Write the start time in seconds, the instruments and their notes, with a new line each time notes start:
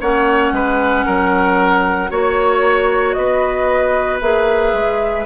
0.00 bassoon A#3, clarinet C#4, oboe C#5, flute F#5
0.51 bassoon G#3, oboe B4
1.05 bassoon F#3, oboe A#4
2.09 bassoon A#3, clarinet F#4, oboe C#5, flute C#5
3.12 bassoon B3, oboe B4, flute D#5
4.21 bassoon A#3, clarinet G#4, flute E5
4.73 bassoon G#3